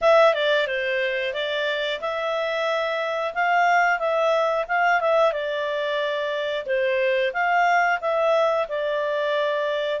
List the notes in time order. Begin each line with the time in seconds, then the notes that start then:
0.01 E5
0.33 D5
0.67 C5
1.33 D5
2.00 E5
3.34 F5
3.98 E5
4.68 F5
5.01 E5
5.32 D5
6.65 C5
7.33 F5
8.00 E5
8.68 D5